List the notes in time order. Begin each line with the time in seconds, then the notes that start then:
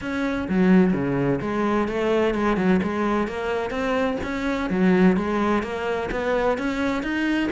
0.01 C#4
0.48 F#3
0.93 C#3
1.41 G#3
1.88 A3
2.34 G#3
2.57 F#3
2.83 G#3
3.27 A#3
3.70 C4
4.23 C#4
4.70 F#3
5.16 G#3
5.62 A#3
6.11 B3
6.58 C#4
7.02 D#4